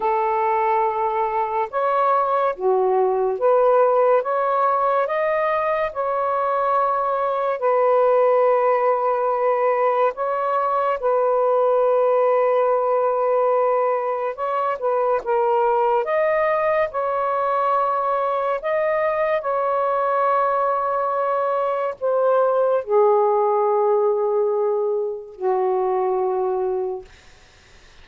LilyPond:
\new Staff \with { instrumentName = "saxophone" } { \time 4/4 \tempo 4 = 71 a'2 cis''4 fis'4 | b'4 cis''4 dis''4 cis''4~ | cis''4 b'2. | cis''4 b'2.~ |
b'4 cis''8 b'8 ais'4 dis''4 | cis''2 dis''4 cis''4~ | cis''2 c''4 gis'4~ | gis'2 fis'2 | }